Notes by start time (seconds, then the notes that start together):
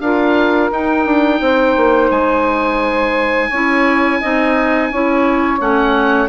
0.00 D4 F4 A#4 F5
0.71 D#4 G5
1.05 D4
1.41 C4 C5
1.76 A#3
2.10 G#3 G#5
3.49 C#4 E4 C#5
4.20 C4 D#4 D#5
4.91 C#4 E4 C#5
5.59 A3 C#4 F#5